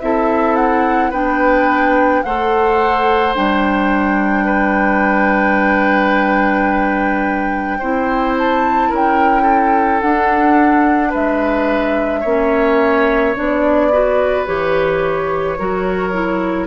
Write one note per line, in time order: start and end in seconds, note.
0.00 1.12 C4
0.00 1.13 E4
0.00 1.10 A4
0.00 0.56 E5
0.56 1.11 F#5
1.10 2.23 B3
1.10 2.24 D4
1.10 2.22 B4
1.10 2.23 G5
2.23 3.36 A3
2.23 3.35 A4
2.23 4.45 C5
2.23 3.34 F#5
3.35 7.81 G3
3.35 7.80 D4
3.35 8.36 G5
4.45 7.78 B4
7.79 8.92 C4
7.79 10.02 E4
7.79 8.89 C5
8.38 8.94 A5
8.89 10.03 C#4
8.89 9.43 A#4
8.96 10.01 G5
9.43 11.09 A4
10.01 12.25 D4
10.01 11.14 D4
10.01 11.12 F#5
11.10 12.25 G#3
11.10 12.20 B4
11.10 13.36 E5
12.20 13.36 A#3
12.20 13.36 C#4
12.20 13.87 C#5
13.36 14.48 B3
13.36 13.91 D4
13.36 14.47 D5
13.92 14.46 F#4
13.92 15.58 B4
14.46 15.59 E3
14.46 15.57 G4
14.46 16.67 C#5
15.58 16.67 F#3
15.58 16.12 F#4
15.58 16.67 A#4
16.12 16.67 E4